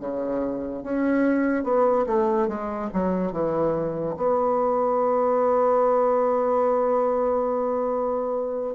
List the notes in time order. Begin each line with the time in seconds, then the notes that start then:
0.00 C#3
0.83 C#4
1.64 B3
2.06 A3
2.48 G#3
2.93 F#3
3.32 E3
4.17 B3